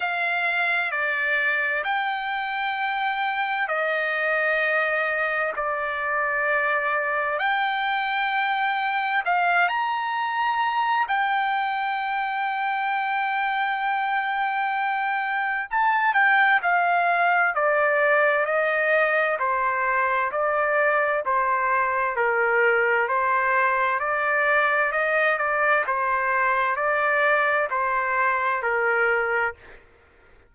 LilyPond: \new Staff \with { instrumentName = "trumpet" } { \time 4/4 \tempo 4 = 65 f''4 d''4 g''2 | dis''2 d''2 | g''2 f''8 ais''4. | g''1~ |
g''4 a''8 g''8 f''4 d''4 | dis''4 c''4 d''4 c''4 | ais'4 c''4 d''4 dis''8 d''8 | c''4 d''4 c''4 ais'4 | }